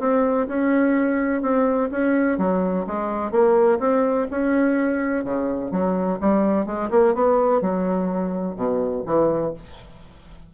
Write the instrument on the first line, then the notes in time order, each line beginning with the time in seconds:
bassoon
0.00 C4
0.48 C#4
1.42 C4
1.92 C#4
2.39 F#3
2.87 G#3
3.32 A#3
3.80 C4
4.31 C#4
5.25 C#3
5.71 F#3
6.21 G3
6.67 G#3
6.91 A#3
7.15 B3
7.62 F#3
8.56 B2
9.06 E3